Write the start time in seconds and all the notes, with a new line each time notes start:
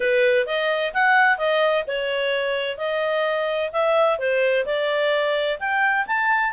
0.00 B4
0.46 D#5
0.93 F#5
1.37 D#5
1.87 C#5
2.77 D#5
3.72 E5
4.18 C5
4.65 D5
5.59 G5
6.07 A5